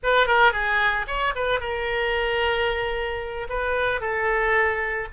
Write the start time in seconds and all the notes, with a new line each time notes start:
0.03 B4
0.26 A#4
0.52 G#4
1.07 C#5
1.35 B4
1.60 A#4
3.49 B4
4.00 A4